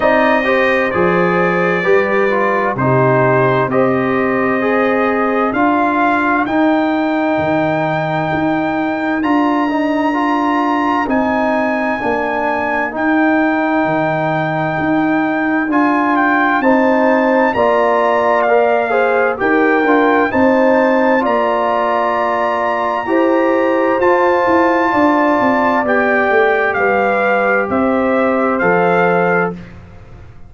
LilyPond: <<
  \new Staff \with { instrumentName = "trumpet" } { \time 4/4 \tempo 4 = 65 dis''4 d''2 c''4 | dis''2 f''4 g''4~ | g''2 ais''2 | gis''2 g''2~ |
g''4 gis''8 g''8 a''4 ais''4 | f''4 g''4 a''4 ais''4~ | ais''2 a''2 | g''4 f''4 e''4 f''4 | }
  \new Staff \with { instrumentName = "horn" } { \time 4/4 d''8 c''4. b'4 g'4 | c''2 ais'2~ | ais'1~ | ais'1~ |
ais'2 c''4 d''4~ | d''8 c''8 ais'4 c''4 d''4~ | d''4 c''2 d''4~ | d''4 b'4 c''2 | }
  \new Staff \with { instrumentName = "trombone" } { \time 4/4 dis'8 g'8 gis'4 g'8 f'8 dis'4 | g'4 gis'4 f'4 dis'4~ | dis'2 f'8 dis'8 f'4 | dis'4 d'4 dis'2~ |
dis'4 f'4 dis'4 f'4 | ais'8 gis'8 g'8 f'8 dis'4 f'4~ | f'4 g'4 f'2 | g'2. a'4 | }
  \new Staff \with { instrumentName = "tuba" } { \time 4/4 c'4 f4 g4 c4 | c'2 d'4 dis'4 | dis4 dis'4 d'2 | c'4 ais4 dis'4 dis4 |
dis'4 d'4 c'4 ais4~ | ais4 dis'8 d'8 c'4 ais4~ | ais4 e'4 f'8 e'8 d'8 c'8 | b8 a8 g4 c'4 f4 | }
>>